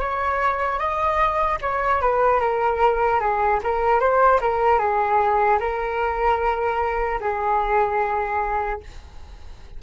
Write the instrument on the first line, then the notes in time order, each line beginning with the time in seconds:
flute
0.00 C#5
0.79 D#5
1.61 C#5
2.01 B4
2.40 A#4
3.20 G#4
3.63 A#4
4.00 C5
4.41 A#4
4.79 G#4
5.60 A#4
7.20 G#4